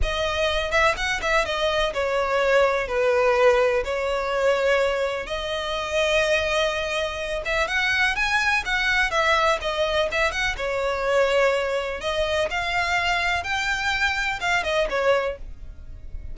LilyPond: \new Staff \with { instrumentName = "violin" } { \time 4/4 \tempo 4 = 125 dis''4. e''8 fis''8 e''8 dis''4 | cis''2 b'2 | cis''2. dis''4~ | dis''2.~ dis''8 e''8 |
fis''4 gis''4 fis''4 e''4 | dis''4 e''8 fis''8 cis''2~ | cis''4 dis''4 f''2 | g''2 f''8 dis''8 cis''4 | }